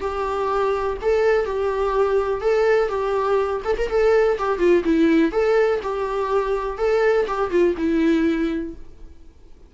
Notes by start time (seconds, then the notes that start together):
0.00 G4
1.01 A4
1.45 G4
2.41 A4
2.88 G4
3.64 A4
3.77 A#4
3.89 A4
4.38 G4
4.58 F4
4.84 E4
5.32 A4
5.82 G4
6.77 A4
7.27 G4
7.50 F4
7.77 E4